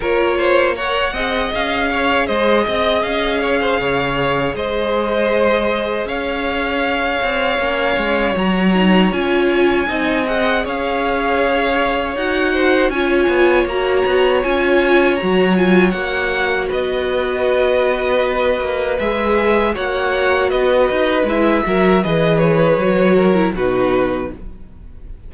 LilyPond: <<
  \new Staff \with { instrumentName = "violin" } { \time 4/4 \tempo 4 = 79 cis''4 fis''4 f''4 dis''4 | f''2 dis''2 | f''2. ais''4 | gis''4. fis''8 f''2 |
fis''4 gis''4 ais''4 gis''4 | ais''8 gis''8 fis''4 dis''2~ | dis''4 e''4 fis''4 dis''4 | e''4 dis''8 cis''4. b'4 | }
  \new Staff \with { instrumentName = "violin" } { \time 4/4 ais'8 c''8 cis''8 dis''4 cis''8 c''8 dis''8~ | dis''8 cis''16 c''16 cis''4 c''2 | cis''1~ | cis''4 dis''4 cis''2~ |
cis''8 c''8 cis''2.~ | cis''2 b'2~ | b'2 cis''4 b'4~ | b'8 ais'8 b'4. ais'8 fis'4 | }
  \new Staff \with { instrumentName = "viola" } { \time 4/4 f'4 ais'8 gis'2~ gis'8~ | gis'1~ | gis'2 cis'4 fis'8 dis'8 | f'4 dis'8 gis'2~ gis'8 |
fis'4 f'4 fis'4 f'4 | fis'8 f'8 fis'2.~ | fis'4 gis'4 fis'2 | e'8 fis'8 gis'4 fis'8. e'16 dis'4 | }
  \new Staff \with { instrumentName = "cello" } { \time 4/4 ais4. c'8 cis'4 gis8 c'8 | cis'4 cis4 gis2 | cis'4. c'8 ais8 gis8 fis4 | cis'4 c'4 cis'2 |
dis'4 cis'8 b8 ais8 b8 cis'4 | fis4 ais4 b2~ | b8 ais8 gis4 ais4 b8 dis'8 | gis8 fis8 e4 fis4 b,4 | }
>>